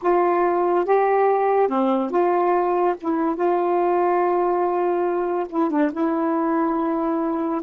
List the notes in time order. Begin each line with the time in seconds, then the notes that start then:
0.02 F4
0.85 G4
1.68 C4
2.10 F4
3.00 E4
3.35 F4
5.49 E4
5.70 D4
5.92 E4